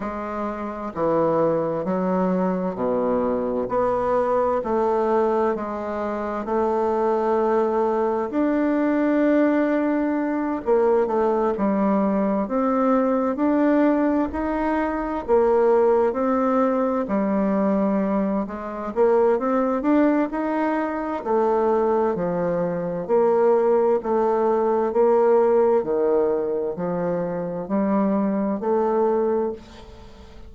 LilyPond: \new Staff \with { instrumentName = "bassoon" } { \time 4/4 \tempo 4 = 65 gis4 e4 fis4 b,4 | b4 a4 gis4 a4~ | a4 d'2~ d'8 ais8 | a8 g4 c'4 d'4 dis'8~ |
dis'8 ais4 c'4 g4. | gis8 ais8 c'8 d'8 dis'4 a4 | f4 ais4 a4 ais4 | dis4 f4 g4 a4 | }